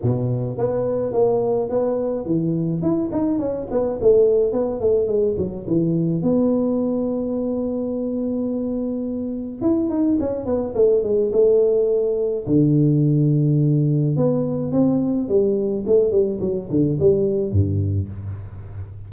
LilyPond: \new Staff \with { instrumentName = "tuba" } { \time 4/4 \tempo 4 = 106 b,4 b4 ais4 b4 | e4 e'8 dis'8 cis'8 b8 a4 | b8 a8 gis8 fis8 e4 b4~ | b1~ |
b4 e'8 dis'8 cis'8 b8 a8 gis8 | a2 d2~ | d4 b4 c'4 g4 | a8 g8 fis8 d8 g4 g,4 | }